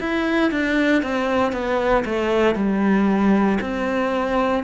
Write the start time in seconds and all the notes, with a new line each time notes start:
0.00 E4
0.51 D4
1.03 C4
1.52 B3
2.05 A3
2.55 G3
3.61 C4